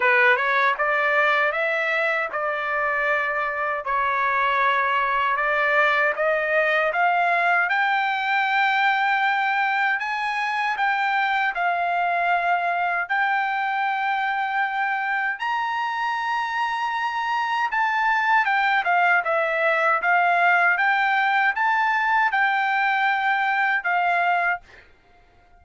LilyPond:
\new Staff \with { instrumentName = "trumpet" } { \time 4/4 \tempo 4 = 78 b'8 cis''8 d''4 e''4 d''4~ | d''4 cis''2 d''4 | dis''4 f''4 g''2~ | g''4 gis''4 g''4 f''4~ |
f''4 g''2. | ais''2. a''4 | g''8 f''8 e''4 f''4 g''4 | a''4 g''2 f''4 | }